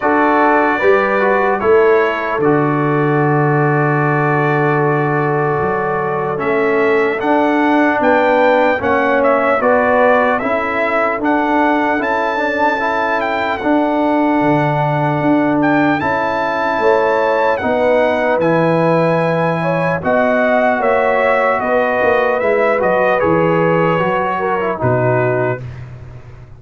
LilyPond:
<<
  \new Staff \with { instrumentName = "trumpet" } { \time 4/4 \tempo 4 = 75 d''2 cis''4 d''4~ | d''1 | e''4 fis''4 g''4 fis''8 e''8 | d''4 e''4 fis''4 a''4~ |
a''8 g''8 fis''2~ fis''8 g''8 | a''2 fis''4 gis''4~ | gis''4 fis''4 e''4 dis''4 | e''8 dis''8 cis''2 b'4 | }
  \new Staff \with { instrumentName = "horn" } { \time 4/4 a'4 b'4 a'2~ | a'1~ | a'2 b'4 cis''4 | b'4 a'2.~ |
a'1~ | a'4 cis''4 b'2~ | b'8 cis''8 dis''4 cis''4 b'4~ | b'2~ b'8 ais'8 fis'4 | }
  \new Staff \with { instrumentName = "trombone" } { \time 4/4 fis'4 g'8 fis'8 e'4 fis'4~ | fis'1 | cis'4 d'2 cis'4 | fis'4 e'4 d'4 e'8 d'8 |
e'4 d'2. | e'2 dis'4 e'4~ | e'4 fis'2. | e'8 fis'8 gis'4 fis'8. e'16 dis'4 | }
  \new Staff \with { instrumentName = "tuba" } { \time 4/4 d'4 g4 a4 d4~ | d2. fis4 | a4 d'4 b4 ais4 | b4 cis'4 d'4 cis'4~ |
cis'4 d'4 d4 d'4 | cis'4 a4 b4 e4~ | e4 b4 ais4 b8 ais8 | gis8 fis8 e4 fis4 b,4 | }
>>